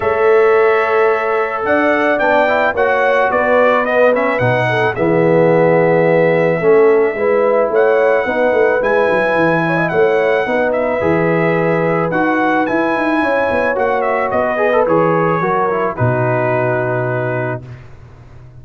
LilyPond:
<<
  \new Staff \with { instrumentName = "trumpet" } { \time 4/4 \tempo 4 = 109 e''2. fis''4 | g''4 fis''4 d''4 dis''8 e''8 | fis''4 e''2.~ | e''2 fis''2 |
gis''2 fis''4. e''8~ | e''2 fis''4 gis''4~ | gis''4 fis''8 e''8 dis''4 cis''4~ | cis''4 b'2. | }
  \new Staff \with { instrumentName = "horn" } { \time 4/4 cis''2. d''4~ | d''4 cis''4 b'2~ | b'8 a'8 gis'2. | a'4 b'4 cis''4 b'4~ |
b'4. cis''16 dis''16 cis''4 b'4~ | b'1 | cis''2~ cis''16 b'4.~ b'16 | ais'4 fis'2. | }
  \new Staff \with { instrumentName = "trombone" } { \time 4/4 a'1 | d'8 e'8 fis'2 b8 cis'8 | dis'4 b2. | cis'4 e'2 dis'4 |
e'2. dis'4 | gis'2 fis'4 e'4~ | e'4 fis'4. gis'16 a'16 gis'4 | fis'8 e'8 dis'2. | }
  \new Staff \with { instrumentName = "tuba" } { \time 4/4 a2. d'4 | b4 ais4 b2 | b,4 e2. | a4 gis4 a4 b8 a8 |
gis8 fis8 e4 a4 b4 | e2 dis'4 e'8 dis'8 | cis'8 b8 ais4 b4 e4 | fis4 b,2. | }
>>